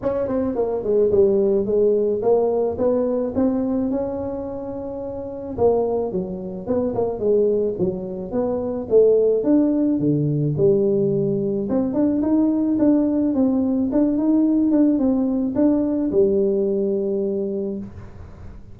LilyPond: \new Staff \with { instrumentName = "tuba" } { \time 4/4 \tempo 4 = 108 cis'8 c'8 ais8 gis8 g4 gis4 | ais4 b4 c'4 cis'4~ | cis'2 ais4 fis4 | b8 ais8 gis4 fis4 b4 |
a4 d'4 d4 g4~ | g4 c'8 d'8 dis'4 d'4 | c'4 d'8 dis'4 d'8 c'4 | d'4 g2. | }